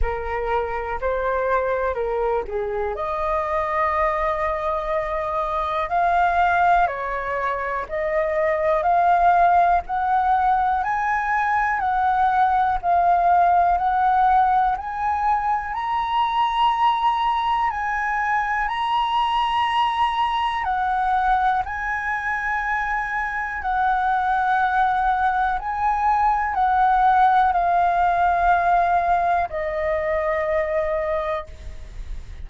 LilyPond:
\new Staff \with { instrumentName = "flute" } { \time 4/4 \tempo 4 = 61 ais'4 c''4 ais'8 gis'8 dis''4~ | dis''2 f''4 cis''4 | dis''4 f''4 fis''4 gis''4 | fis''4 f''4 fis''4 gis''4 |
ais''2 gis''4 ais''4~ | ais''4 fis''4 gis''2 | fis''2 gis''4 fis''4 | f''2 dis''2 | }